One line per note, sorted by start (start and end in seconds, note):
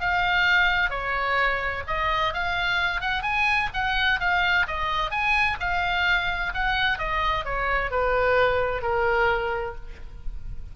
0.00 0.90 F5
0.90 1.83 C#5
1.87 2.33 D#5
2.33 3.00 F5
3.00 3.22 F#5
3.22 3.68 G#5
3.73 4.19 F#5
4.20 4.66 F5
4.67 5.10 D#5
5.10 5.57 G#5
5.59 6.52 F5
6.53 6.98 F#5
6.98 7.44 D#5
7.44 7.90 C#5
7.90 8.82 B4
8.82 9.75 A#4